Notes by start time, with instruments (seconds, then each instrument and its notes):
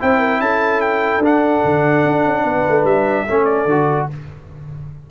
0.00 tuba C4, trombone E4, horn C5, trumpet G5
0.19 horn A#4
0.40 tuba C#4, horn A4, trumpet A5
0.81 trumpet G5
1.19 tuba D4, trombone D4
1.26 trumpet F#5
1.65 tuba D3
2.06 tuba D4
2.26 tuba C#4
2.44 tuba B3, horn B4
2.69 tuba A3
2.84 tuba G3, trumpet E5
3.26 tuba A3, trombone C#4, horn A4
3.45 trumpet D5
3.66 tuba D3, trombone F#4